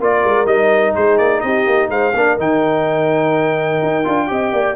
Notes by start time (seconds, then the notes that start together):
0.00 A#3 F4 A#4 D5
0.24 G#3
0.45 G3 D#4 D#5
0.94 G#3 G#4 C5
1.17 A#3 D5
1.40 C4 G4 D#5
1.67 A#3
1.89 G#3 C5 F5
2.14 A#3 D4 A#4
2.38 D#3 D#4 G5
3.82 D#4
4.04 D4 F4
4.28 C4 G4 D#5
4.52 A#3 D5